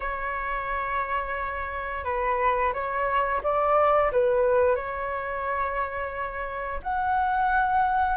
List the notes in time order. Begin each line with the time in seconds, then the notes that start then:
0.00 C#5
2.04 B4
2.73 C#5
3.43 D5
4.12 B4
4.75 C#5
6.82 F#5